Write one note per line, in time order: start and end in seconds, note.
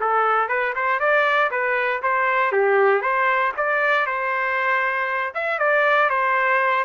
0.00 0.48 A4
0.48 0.73 B4
0.75 0.99 C5
0.99 1.50 D5
1.51 2.02 B4
2.02 2.52 C5
2.52 3.01 G4
3.01 3.52 C5
3.57 4.06 D5
4.06 5.33 C5
5.34 5.58 E5
5.58 6.09 D5
6.09 6.84 C5